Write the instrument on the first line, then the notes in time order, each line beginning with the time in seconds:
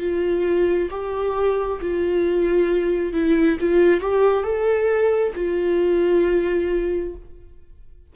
viola
0.00 F4
0.90 G4
1.81 F4
3.13 E4
3.60 F4
4.01 G4
4.43 A4
5.36 F4